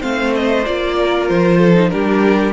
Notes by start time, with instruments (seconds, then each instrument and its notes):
0.00 cello A3, viola C4, violin C5 F5
0.34 violin D#5
0.65 cello A#3, viola F4, violin D5
0.98 violin A#4
1.28 cello F3, violin C5
1.58 violin A4
1.75 viola D#4
1.89 cello G3, viola D4, violin G4 A#4